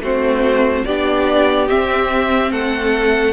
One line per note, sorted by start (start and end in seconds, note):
0.00 0.83 A3
0.00 0.87 C4
0.00 0.86 F#4
0.00 0.85 C5
0.85 1.70 B3
0.85 1.68 D4
0.85 2.52 G4
0.85 1.68 D5
1.68 3.33 C4
1.68 2.51 C4
1.68 2.52 E5
2.51 3.33 A3
2.51 3.33 A4
2.51 3.33 F#5